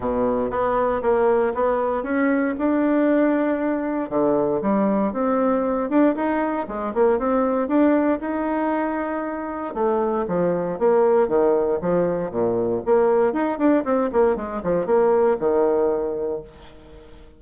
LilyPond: \new Staff \with { instrumentName = "bassoon" } { \time 4/4 \tempo 4 = 117 b,4 b4 ais4 b4 | cis'4 d'2. | d4 g4 c'4. d'8 | dis'4 gis8 ais8 c'4 d'4 |
dis'2. a4 | f4 ais4 dis4 f4 | ais,4 ais4 dis'8 d'8 c'8 ais8 | gis8 f8 ais4 dis2 | }